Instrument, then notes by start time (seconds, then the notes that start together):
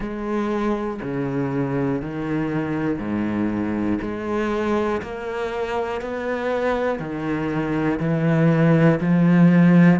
cello
0.00 G#3
1.02 C#3
2.01 D#3
2.99 G#2
4.01 G#3
5.01 A#3
6.00 B3
6.99 D#3
7.99 E3
9.00 F3